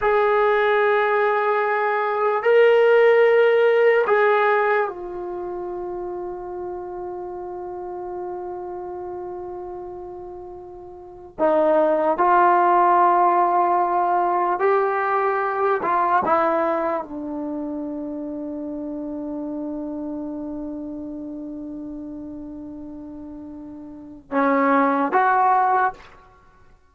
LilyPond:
\new Staff \with { instrumentName = "trombone" } { \time 4/4 \tempo 4 = 74 gis'2. ais'4~ | ais'4 gis'4 f'2~ | f'1~ | f'2 dis'4 f'4~ |
f'2 g'4. f'8 | e'4 d'2.~ | d'1~ | d'2 cis'4 fis'4 | }